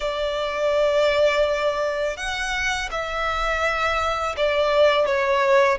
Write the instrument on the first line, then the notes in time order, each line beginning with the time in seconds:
violin
0.00 D5
2.17 F#5
2.91 E5
4.36 D5
5.06 C#5